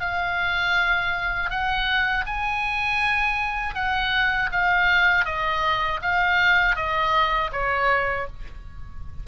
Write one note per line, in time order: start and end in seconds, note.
0.00 1.50 F5
1.50 2.25 F#5
2.26 3.75 G#5
3.75 4.50 F#5
4.52 5.25 F5
5.25 6.00 D#5
6.02 6.76 F5
6.76 7.51 D#5
7.52 8.27 C#5